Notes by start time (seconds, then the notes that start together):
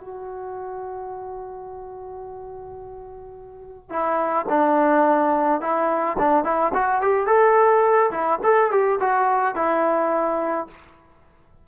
0.00 F#4
3.89 E4
4.49 D4
5.61 E4
6.18 D4
6.44 E4
6.73 F#4
7.01 G4
7.26 A4
8.11 E4
8.43 A4
8.71 G4
9.00 F#4
9.55 E4